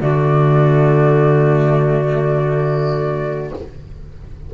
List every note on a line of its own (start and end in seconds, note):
0.00 3.53 D3
0.00 3.54 A3
0.00 3.54 F#4
0.00 3.54 D5